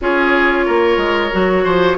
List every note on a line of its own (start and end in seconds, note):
0.01 0.67 C#4
0.01 1.32 F4
0.01 0.65 G#4
0.01 1.97 C#5
0.65 0.97 A#3
0.65 1.64 A#4
0.97 1.30 G#3
1.32 1.65 F#3
1.32 1.97 F#4
1.64 1.97 F3
1.64 1.97 C5